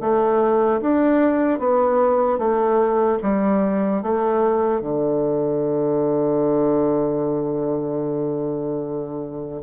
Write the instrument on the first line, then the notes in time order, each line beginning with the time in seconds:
bassoon
0.00 A3
0.81 D4
1.59 B3
2.38 A3
3.22 G3
4.02 A3
4.81 D3